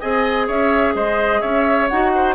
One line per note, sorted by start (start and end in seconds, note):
0.00 0.49 C4
0.00 1.89 G#4
0.00 0.47 D#5
0.00 0.47 G#5
0.47 0.94 C#4
0.47 0.94 C#5
0.47 0.95 E5
0.94 1.41 G#3
0.94 1.41 C5
0.94 1.41 D#5
1.41 1.90 C#4
1.41 2.11 C#5
1.41 1.88 E5
1.88 2.35 D#4
1.88 2.35 F#4
1.88 2.35 F#5
2.15 2.35 C5